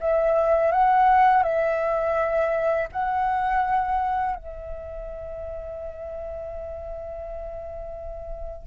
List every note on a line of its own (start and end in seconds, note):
0.00 0.71 E5
0.71 1.43 F#5
1.43 2.87 E5
2.92 4.35 F#5
4.35 8.67 E5